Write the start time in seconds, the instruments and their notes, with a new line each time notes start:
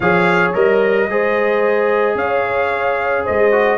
0.00 tuba F3, trombone G#4, horn C#5, trumpet F5
0.54 tuba G3, trombone A#4, trumpet D#5
1.08 tuba G#3, trombone G#4, horn C5
2.15 tuba C#4, horn C#5, trumpet F5
3.24 tuba G#3, horn C5, trumpet D#5
3.51 trombone F#4